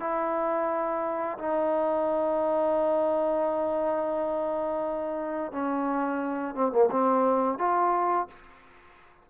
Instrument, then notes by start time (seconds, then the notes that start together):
trombone
0.00 E4
1.38 D#4
5.52 C#4
6.55 C4
6.72 A#3
6.91 C4
7.58 F4